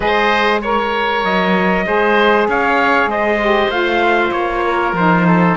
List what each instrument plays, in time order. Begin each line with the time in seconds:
0.00 cello G#3, saxophone G#4, oboe C5, trumpet D#5
0.61 saxophone A#4, oboe C#5, trumpet C#5
1.23 cello F#3, trumpet D#5
1.85 cello G#3, saxophone G#4, oboe C5
2.48 cello C#4, oboe C#5, trumpet F5
3.05 cello G#3, oboe C5, trumpet D#5
3.40 saxophone G4
3.69 cello A3, saxophone F4, trumpet F5
4.31 cello A#3, trumpet C#5
4.66 oboe A#4
4.93 cello F3, saxophone D#4, trumpet C5
5.27 oboe A4